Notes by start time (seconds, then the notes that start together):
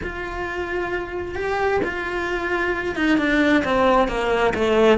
0.03 F4
1.35 G4
1.84 F4
2.95 D#4
3.18 D4
3.64 C4
4.08 A#3
4.54 A3